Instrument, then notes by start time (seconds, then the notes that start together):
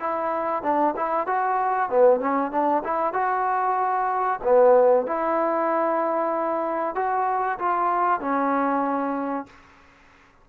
trombone
0.00 E4
0.63 D4
0.96 E4
1.27 F#4
1.89 B3
2.20 C#4
2.51 D4
2.84 E4
3.13 F#4
4.43 B3
5.06 E4
6.95 F#4
7.58 F4
8.20 C#4